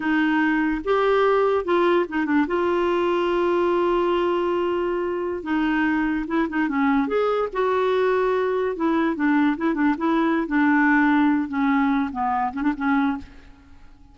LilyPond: \new Staff \with { instrumentName = "clarinet" } { \time 4/4 \tempo 4 = 146 dis'2 g'2 | f'4 dis'8 d'8 f'2~ | f'1~ | f'4~ f'16 dis'2 e'8 dis'16~ |
dis'16 cis'4 gis'4 fis'4.~ fis'16~ | fis'4~ fis'16 e'4 d'4 e'8 d'16~ | d'16 e'4~ e'16 d'2~ d'8 | cis'4. b4 cis'16 d'16 cis'4 | }